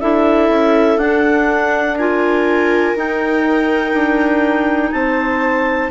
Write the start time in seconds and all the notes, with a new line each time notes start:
0.00 D4 E4 A4 E5
0.49 C#4
0.97 D4 F#5
1.97 F4 A#4 G#5
2.96 D#4 G5
3.93 D4
4.92 C4 C5 A5